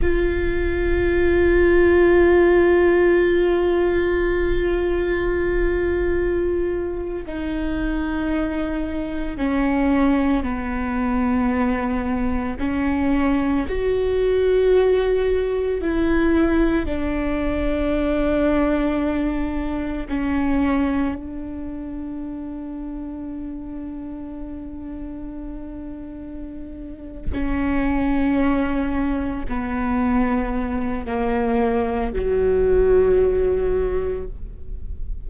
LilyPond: \new Staff \with { instrumentName = "viola" } { \time 4/4 \tempo 4 = 56 f'1~ | f'2~ f'8. dis'4~ dis'16~ | dis'8. cis'4 b2 cis'16~ | cis'8. fis'2 e'4 d'16~ |
d'2~ d'8. cis'4 d'16~ | d'1~ | d'4. cis'2 b8~ | b4 ais4 fis2 | }